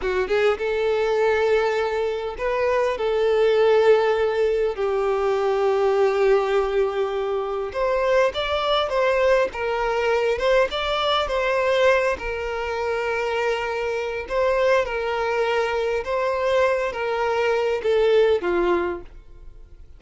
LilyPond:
\new Staff \with { instrumentName = "violin" } { \time 4/4 \tempo 4 = 101 fis'8 gis'8 a'2. | b'4 a'2. | g'1~ | g'4 c''4 d''4 c''4 |
ais'4. c''8 d''4 c''4~ | c''8 ais'2.~ ais'8 | c''4 ais'2 c''4~ | c''8 ais'4. a'4 f'4 | }